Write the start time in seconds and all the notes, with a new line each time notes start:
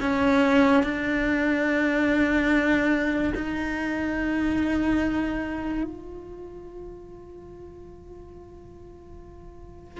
0.00 C#4
0.83 D4
3.35 D#4
5.83 F4